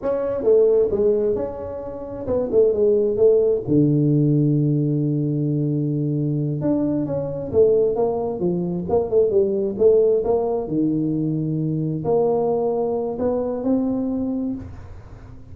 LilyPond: \new Staff \with { instrumentName = "tuba" } { \time 4/4 \tempo 4 = 132 cis'4 a4 gis4 cis'4~ | cis'4 b8 a8 gis4 a4 | d1~ | d2~ d8 d'4 cis'8~ |
cis'8 a4 ais4 f4 ais8 | a8 g4 a4 ais4 dis8~ | dis2~ dis8 ais4.~ | ais4 b4 c'2 | }